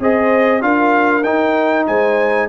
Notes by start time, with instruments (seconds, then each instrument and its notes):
0.00 tuba C4, trombone G#4, horn C5, trumpet D#5
0.61 tuba D4, trombone F4, horn A#4, trumpet F5
1.23 tuba D#4, trombone D#4, trumpet G5
1.87 tuba G#3, horn C5, trumpet G#5